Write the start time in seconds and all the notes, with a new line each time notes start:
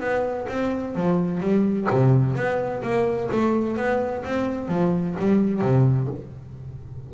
0.00 B3
0.49 C4
0.95 F3
1.40 G3
1.90 C3
2.35 B3
2.83 A#3
3.32 A3
3.76 B3
4.25 C4
4.68 F3
5.19 G3
5.61 C3